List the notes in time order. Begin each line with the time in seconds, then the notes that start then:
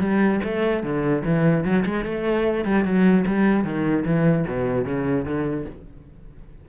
0.00 G3
0.43 A3
0.83 D3
1.24 E3
1.64 F#3
1.85 G#3
2.05 A3
2.64 G3
2.84 F#3
3.26 G3
3.64 D#3
4.05 E3
4.47 B2
4.85 C#3
5.25 D3